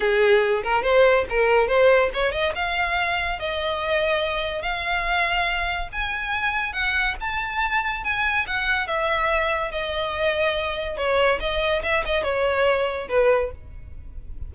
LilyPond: \new Staff \with { instrumentName = "violin" } { \time 4/4 \tempo 4 = 142 gis'4. ais'8 c''4 ais'4 | c''4 cis''8 dis''8 f''2 | dis''2. f''4~ | f''2 gis''2 |
fis''4 a''2 gis''4 | fis''4 e''2 dis''4~ | dis''2 cis''4 dis''4 | e''8 dis''8 cis''2 b'4 | }